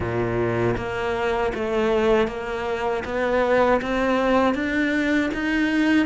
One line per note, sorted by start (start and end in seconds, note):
0.00 0.76 A#2
0.76 1.52 A#3
1.54 2.27 A3
2.27 3.03 A#3
3.04 3.80 B3
3.81 4.54 C4
4.54 5.30 D4
5.34 6.06 D#4